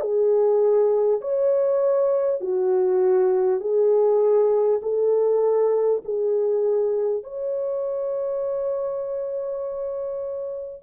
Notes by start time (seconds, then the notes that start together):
0.00 G#4
1.21 C#5
2.40 F#4
3.60 G#4
4.82 A4
6.04 G#4
7.23 C#5